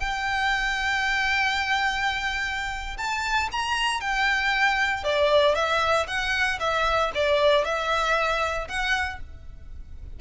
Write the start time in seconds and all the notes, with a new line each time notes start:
0.00 G5
2.98 A5
3.52 A#5
4.01 G5
5.04 D5
5.55 E5
6.08 F#5
6.60 E5
7.15 D5
7.65 E5
8.68 F#5